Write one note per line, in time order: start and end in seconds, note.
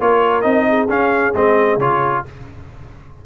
0.00 0.44 A#3
0.00 0.44 F4
0.00 0.68 A#4
0.00 0.42 C#5
0.42 0.89 C4
0.42 0.88 D#4
0.42 0.87 D#5
0.69 2.26 G#4
0.90 1.34 C#4
0.90 1.35 F5
1.35 1.78 G#3
1.35 1.80 C4
1.35 1.80 D#5
1.78 2.22 C#3
1.78 2.26 F4
1.78 2.25 C#5